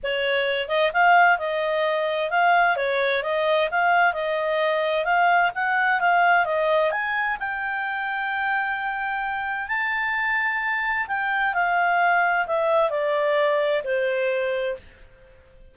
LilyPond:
\new Staff \with { instrumentName = "clarinet" } { \time 4/4 \tempo 4 = 130 cis''4. dis''8 f''4 dis''4~ | dis''4 f''4 cis''4 dis''4 | f''4 dis''2 f''4 | fis''4 f''4 dis''4 gis''4 |
g''1~ | g''4 a''2. | g''4 f''2 e''4 | d''2 c''2 | }